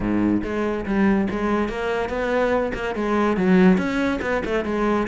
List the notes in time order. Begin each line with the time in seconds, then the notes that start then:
0.00 G#2
0.43 G#3
0.85 G3
1.30 G#3
1.68 A#3
2.09 B3
2.74 A#3
2.95 G#3
3.36 F#3
3.77 C#4
4.21 B3
4.45 A3
4.64 G#3